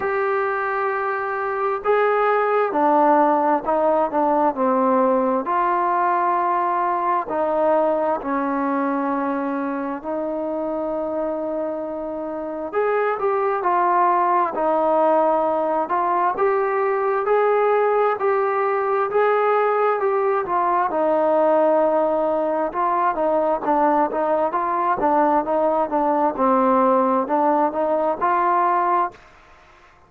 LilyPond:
\new Staff \with { instrumentName = "trombone" } { \time 4/4 \tempo 4 = 66 g'2 gis'4 d'4 | dis'8 d'8 c'4 f'2 | dis'4 cis'2 dis'4~ | dis'2 gis'8 g'8 f'4 |
dis'4. f'8 g'4 gis'4 | g'4 gis'4 g'8 f'8 dis'4~ | dis'4 f'8 dis'8 d'8 dis'8 f'8 d'8 | dis'8 d'8 c'4 d'8 dis'8 f'4 | }